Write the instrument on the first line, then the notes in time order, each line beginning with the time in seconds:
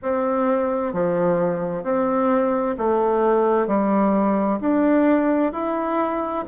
bassoon
0.02 C4
0.93 F3
1.83 C4
2.78 A3
3.67 G3
4.60 D4
5.52 E4